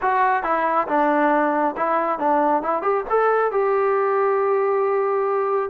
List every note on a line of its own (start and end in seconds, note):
0.01 0.43 F#4
0.43 0.87 E4
0.87 1.75 D4
1.76 2.18 E4
2.18 2.62 D4
2.62 2.82 E4
2.82 3.04 G4
3.09 3.51 A4
3.51 5.70 G4